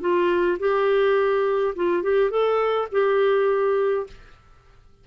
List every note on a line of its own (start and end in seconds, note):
0.00 0.58 F4
0.59 1.74 G4
1.75 2.02 F4
2.02 2.30 G4
2.30 2.88 A4
2.91 4.06 G4